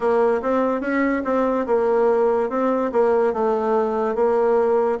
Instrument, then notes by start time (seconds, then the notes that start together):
bassoon
0.00 A#3
0.42 C4
0.81 C#4
1.24 C4
1.66 A#3
2.49 C4
2.92 A#3
3.33 A3
4.15 A#3